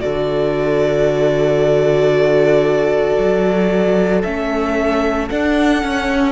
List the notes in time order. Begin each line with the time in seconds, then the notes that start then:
0.00 D3 F#4 A4 D5
3.18 F#3
4.24 A3 C#4 E5
5.30 D4 F#5
5.82 C#4